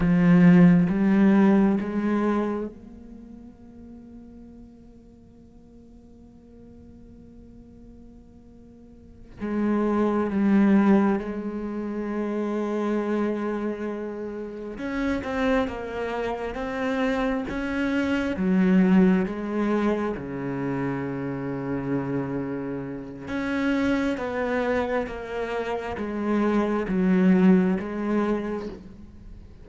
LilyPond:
\new Staff \with { instrumentName = "cello" } { \time 4/4 \tempo 4 = 67 f4 g4 gis4 ais4~ | ais1~ | ais2~ ais8 gis4 g8~ | g8 gis2.~ gis8~ |
gis8 cis'8 c'8 ais4 c'4 cis'8~ | cis'8 fis4 gis4 cis4.~ | cis2 cis'4 b4 | ais4 gis4 fis4 gis4 | }